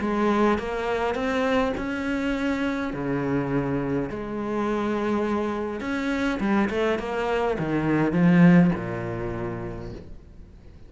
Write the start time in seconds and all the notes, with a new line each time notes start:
0.00 G#3
0.58 A#3
1.14 C4
1.77 C#4
2.93 C#3
4.09 G#3
5.80 C#4
6.40 G3
6.70 A3
6.99 A#3
7.59 D#3
8.12 F3
8.75 A#2